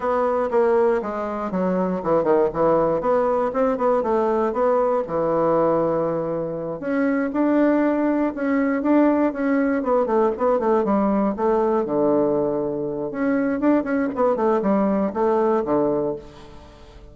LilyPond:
\new Staff \with { instrumentName = "bassoon" } { \time 4/4 \tempo 4 = 119 b4 ais4 gis4 fis4 | e8 dis8 e4 b4 c'8 b8 | a4 b4 e2~ | e4. cis'4 d'4.~ |
d'8 cis'4 d'4 cis'4 b8 | a8 b8 a8 g4 a4 d8~ | d2 cis'4 d'8 cis'8 | b8 a8 g4 a4 d4 | }